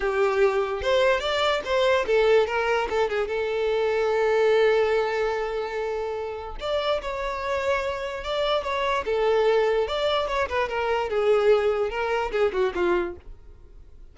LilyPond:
\new Staff \with { instrumentName = "violin" } { \time 4/4 \tempo 4 = 146 g'2 c''4 d''4 | c''4 a'4 ais'4 a'8 gis'8 | a'1~ | a'1 |
d''4 cis''2. | d''4 cis''4 a'2 | d''4 cis''8 b'8 ais'4 gis'4~ | gis'4 ais'4 gis'8 fis'8 f'4 | }